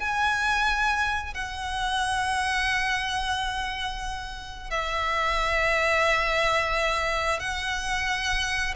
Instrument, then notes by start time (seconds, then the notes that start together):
violin
0.00 G#5
1.34 F#5
4.71 E5
7.40 F#5